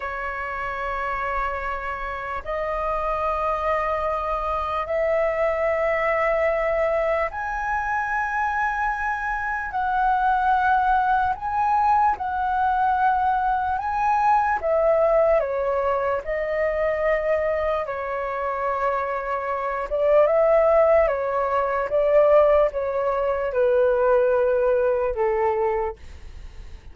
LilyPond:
\new Staff \with { instrumentName = "flute" } { \time 4/4 \tempo 4 = 74 cis''2. dis''4~ | dis''2 e''2~ | e''4 gis''2. | fis''2 gis''4 fis''4~ |
fis''4 gis''4 e''4 cis''4 | dis''2 cis''2~ | cis''8 d''8 e''4 cis''4 d''4 | cis''4 b'2 a'4 | }